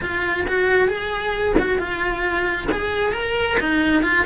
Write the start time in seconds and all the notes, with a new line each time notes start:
0.01 F4
0.47 F#4
0.88 G#4
1.59 F#4
1.78 F4
2.71 G#4
3.12 A#4
3.60 D#4
4.02 F4